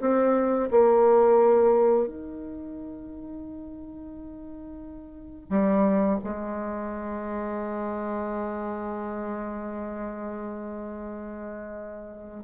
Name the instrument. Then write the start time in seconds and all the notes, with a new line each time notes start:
bassoon
0.00 C4
0.70 A#3
2.07 D#4
5.49 G3
6.23 G#3